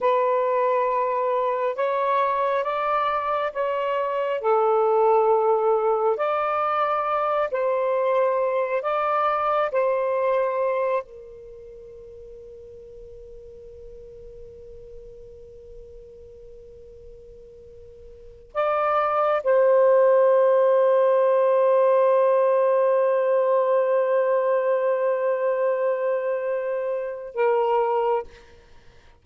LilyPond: \new Staff \with { instrumentName = "saxophone" } { \time 4/4 \tempo 4 = 68 b'2 cis''4 d''4 | cis''4 a'2 d''4~ | d''8 c''4. d''4 c''4~ | c''8 ais'2.~ ais'8~ |
ais'1~ | ais'4 d''4 c''2~ | c''1~ | c''2. ais'4 | }